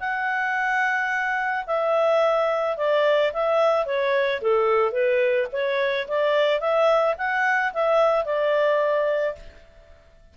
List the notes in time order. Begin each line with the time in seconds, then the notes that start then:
0.00 F#5
1.67 E5
2.77 D5
3.33 E5
3.86 C#5
4.42 A4
4.92 B4
5.52 C#5
6.08 D5
6.60 E5
7.18 F#5
7.73 E5
8.25 D5